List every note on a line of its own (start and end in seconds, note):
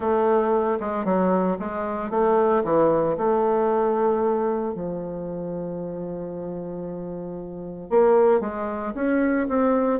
0.00 0.78 A3
0.80 1.04 G#3
1.04 1.57 F#3
1.59 2.10 G#3
2.10 2.63 A3
2.64 3.16 E3
3.17 4.74 A3
4.74 7.89 F3
7.89 8.40 A#3
8.40 8.93 G#3
8.94 9.47 C#4
9.48 10.00 C4